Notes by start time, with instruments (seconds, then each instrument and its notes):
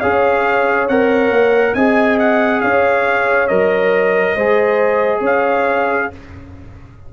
0.00 tuba C#4, trombone G#4, horn C#5, trumpet F5
0.89 tuba C4, trombone A#4, trumpet F#5
1.30 tuba A#3
1.75 tuba C4, trombone G#4, horn D#5, trumpet G#5
2.19 trumpet F#5
2.61 tuba C#4, horn C#5, trumpet F5
3.48 tuba F#3, trombone A#4, trumpet D#5
4.36 tuba G#3, trombone G#4, horn C5
5.20 tuba C#4, horn C#5
5.26 trumpet F5